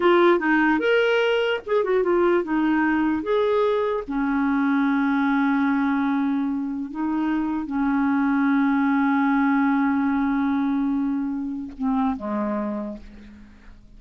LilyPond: \new Staff \with { instrumentName = "clarinet" } { \time 4/4 \tempo 4 = 148 f'4 dis'4 ais'2 | gis'8 fis'8 f'4 dis'2 | gis'2 cis'2~ | cis'1~ |
cis'4 dis'2 cis'4~ | cis'1~ | cis'1~ | cis'4 c'4 gis2 | }